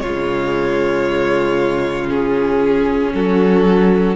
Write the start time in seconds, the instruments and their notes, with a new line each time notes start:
0.00 cello C#3, viola G#3, violin F4 C#5
2.09 viola C#4, violin G#4
3.13 cello F#3, violin F#4 A4